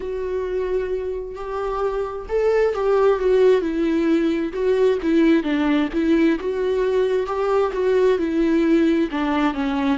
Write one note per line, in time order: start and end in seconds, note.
0.00 1.35 F#4
1.35 2.26 G4
2.29 2.74 A4
2.74 3.19 G4
3.19 3.61 F#4
3.61 4.52 E4
4.52 4.98 F#4
5.02 5.43 E4
5.43 5.88 D4
5.93 6.38 E4
6.39 7.26 F#4
7.26 7.71 G4
7.73 8.18 F#4
8.18 9.09 E4
9.11 9.54 D4
9.54 9.98 C#4